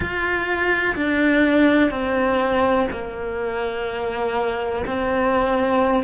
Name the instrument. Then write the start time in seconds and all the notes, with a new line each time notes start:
cello
0.00 F4
0.95 D4
1.90 C4
2.91 A#3
4.86 C4